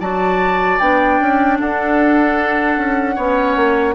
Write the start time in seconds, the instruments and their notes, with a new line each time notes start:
0.00 bassoon F#3, clarinet F#4, oboe D5, flute A5
0.79 bassoon B3, clarinet D4, flute G5
1.20 bassoon C#4
1.60 bassoon D4, oboe A4, flute F#5
2.77 bassoon C#4
3.15 bassoon B3, clarinet C#4, oboe C#5
3.56 bassoon A#3